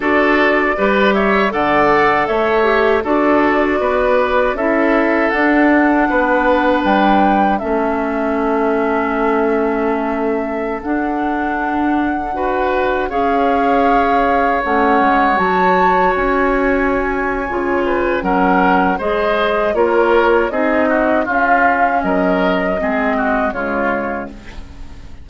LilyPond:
<<
  \new Staff \with { instrumentName = "flute" } { \time 4/4 \tempo 4 = 79 d''4. e''8 fis''4 e''4 | d''2 e''4 fis''4~ | fis''4 g''4 e''2~ | e''2~ e''16 fis''4.~ fis''16~ |
fis''4~ fis''16 f''2 fis''8.~ | fis''16 a''4 gis''2~ gis''8. | fis''4 dis''4 cis''4 dis''4 | f''4 dis''2 cis''4 | }
  \new Staff \with { instrumentName = "oboe" } { \time 4/4 a'4 b'8 cis''8 d''4 cis''4 | a'4 b'4 a'2 | b'2 a'2~ | a'1~ |
a'16 b'4 cis''2~ cis''8.~ | cis''2.~ cis''8 b'8 | ais'4 c''4 ais'4 gis'8 fis'8 | f'4 ais'4 gis'8 fis'8 f'4 | }
  \new Staff \with { instrumentName = "clarinet" } { \time 4/4 fis'4 g'4 a'4. g'8 | fis'2 e'4 d'4~ | d'2 cis'2~ | cis'2~ cis'16 d'4.~ d'16~ |
d'16 fis'4 gis'2 cis'8.~ | cis'16 fis'2~ fis'8. f'4 | cis'4 gis'4 f'4 dis'4 | cis'2 c'4 gis4 | }
  \new Staff \with { instrumentName = "bassoon" } { \time 4/4 d'4 g4 d4 a4 | d'4 b4 cis'4 d'4 | b4 g4 a2~ | a2~ a16 d'4.~ d'16~ |
d'4~ d'16 cis'2 a8 gis16~ | gis16 fis4 cis'4.~ cis'16 cis4 | fis4 gis4 ais4 c'4 | cis'4 fis4 gis4 cis4 | }
>>